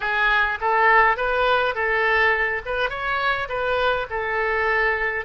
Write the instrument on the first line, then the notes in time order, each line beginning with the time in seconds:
oboe
0.00 G#4
0.61 A4
1.17 B4
1.74 A4
2.65 B4
2.89 C#5
3.48 B4
4.09 A4